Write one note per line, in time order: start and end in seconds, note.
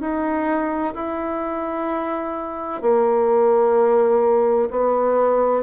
0.00 0.94 D#4
0.94 2.82 E4
2.82 4.69 A#3
4.70 5.62 B3